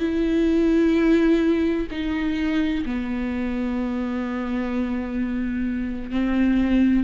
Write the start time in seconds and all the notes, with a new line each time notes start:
0.00 E4
1.91 D#4
2.86 B3
6.11 C4